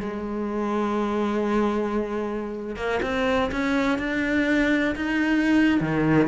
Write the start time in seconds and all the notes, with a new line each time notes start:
0.00 G#3
2.76 A#3
3.02 C4
3.52 C#4
3.99 D4
4.96 D#4
5.81 D#3